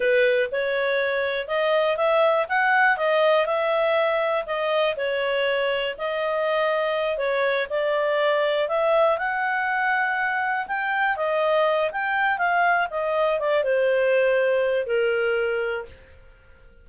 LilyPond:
\new Staff \with { instrumentName = "clarinet" } { \time 4/4 \tempo 4 = 121 b'4 cis''2 dis''4 | e''4 fis''4 dis''4 e''4~ | e''4 dis''4 cis''2 | dis''2~ dis''8 cis''4 d''8~ |
d''4. e''4 fis''4.~ | fis''4. g''4 dis''4. | g''4 f''4 dis''4 d''8 c''8~ | c''2 ais'2 | }